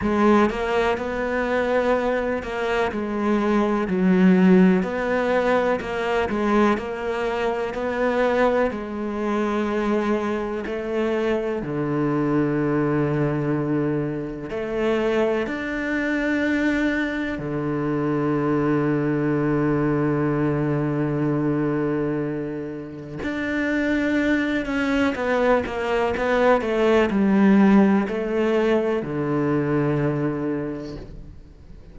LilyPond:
\new Staff \with { instrumentName = "cello" } { \time 4/4 \tempo 4 = 62 gis8 ais8 b4. ais8 gis4 | fis4 b4 ais8 gis8 ais4 | b4 gis2 a4 | d2. a4 |
d'2 d2~ | d1 | d'4. cis'8 b8 ais8 b8 a8 | g4 a4 d2 | }